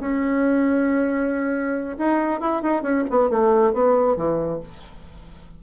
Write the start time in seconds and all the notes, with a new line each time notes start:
0.00 C#4
1.98 D#4
2.40 E4
2.62 D#4
2.82 C#4
3.10 B3
3.29 A3
3.73 B3
4.16 E3